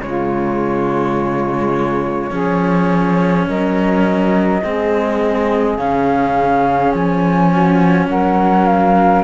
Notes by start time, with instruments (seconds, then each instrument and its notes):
0.00 cello C#3 G#3, saxophone F4, flute C#5
2.31 cello F3 C#4, saxophone G#4
3.48 cello F#3, saxophone A#4, flute D#5
4.62 cello G#3 C4, saxophone G#4
5.77 cello C#3 C#4, flute F5
6.92 cello F3, flute G#5
7.50 saxophone F#4
8.08 cello F#3, saxophone A#4, flute F#5
8.66 flute F5